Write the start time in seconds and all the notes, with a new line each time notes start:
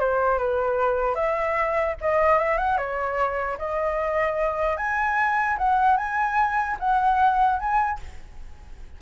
0.00 C5
0.38 B4
1.15 E5
2.01 D#5
2.39 E5
2.58 F#5
2.78 C#5
3.58 D#5
4.77 G#5
5.58 F#5
5.97 G#5
6.79 F#5
7.59 G#5